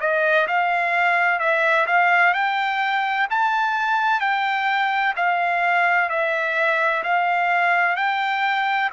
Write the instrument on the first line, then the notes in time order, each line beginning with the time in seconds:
trumpet
0.00 D#5
0.47 F5
1.39 E5
1.87 F5
2.34 G5
3.30 A5
4.20 G5
5.16 F5
6.09 E5
7.04 F5
7.96 G5